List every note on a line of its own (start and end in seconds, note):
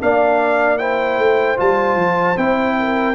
0.00 1.18 A#3
0.00 0.78 D4
0.00 0.80 D5
0.00 0.78 F5
0.78 1.57 E4
0.78 2.78 C5
0.78 1.57 G5
1.18 1.58 A3
1.57 1.96 G3
1.57 2.36 F4
1.57 2.38 A5
1.96 2.35 F3
2.36 3.15 C4
2.36 3.15 E4
2.36 3.15 G5
2.79 3.15 A#4